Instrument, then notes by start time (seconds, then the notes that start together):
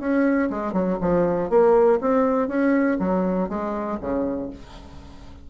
bassoon
0.00 C#4
0.51 G#3
0.73 F#3
1.01 F3
1.50 A#3
2.01 C4
2.49 C#4
3.00 F#3
3.49 G#3
4.01 C#3